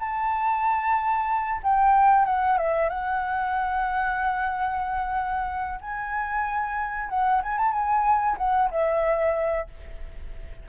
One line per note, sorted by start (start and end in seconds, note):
0.00 1.61 A5
1.64 2.26 G5
2.26 2.58 F#5
2.58 2.90 E5
2.90 5.80 F#5
5.82 7.10 G#5
7.10 7.42 F#5
7.43 7.58 G#5
7.58 7.72 A5
7.72 8.37 G#5
8.38 8.70 F#5
8.71 9.68 E5